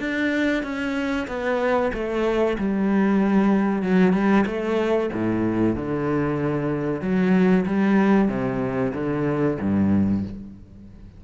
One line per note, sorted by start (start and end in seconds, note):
0.00 0.64 D4
0.64 1.27 C#4
1.28 1.92 B3
1.94 2.58 A3
2.59 3.83 G3
3.83 4.13 F#3
4.13 4.45 G3
4.47 5.10 A3
5.13 5.76 A2
5.76 7.02 D3
7.02 7.65 F#3
7.67 8.29 G3
8.29 8.93 C3
8.94 9.58 D3
9.61 10.24 G2